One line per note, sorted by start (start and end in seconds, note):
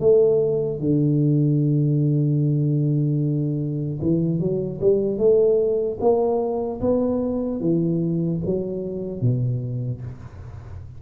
0.00 0.80 A3
0.80 4.00 D3
4.02 4.39 E3
4.39 4.79 F#3
4.81 5.18 G3
5.18 5.98 A3
6.00 6.80 A#3
6.81 7.60 B3
7.60 8.40 E3
8.45 9.21 F#3
9.21 10.01 B2